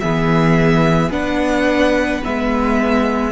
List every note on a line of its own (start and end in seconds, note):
0.00 1.09 E3
0.00 1.11 B3
0.00 1.11 G#4
0.00 1.11 E5
1.09 2.21 B3
1.09 2.22 D4
1.09 3.32 B4
1.09 2.23 F#5
2.22 3.32 G#3
2.22 3.32 B3
2.22 3.32 E5